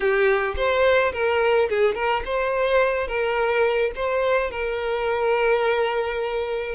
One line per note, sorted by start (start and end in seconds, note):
0.00 0.55 G4
0.56 1.12 C5
1.12 1.68 A#4
1.69 1.94 G#4
1.94 2.23 A#4
2.25 3.07 C5
3.07 3.91 A#4
3.95 4.50 C5
4.50 6.75 A#4